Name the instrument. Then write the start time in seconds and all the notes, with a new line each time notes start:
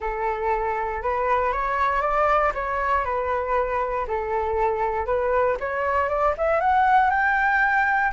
flute
0.00 A4
1.02 B4
1.52 C#5
2.01 D5
2.54 C#5
3.04 B4
4.07 A4
5.06 B4
5.60 C#5
6.08 D5
6.37 E5
6.60 F#5
7.10 G5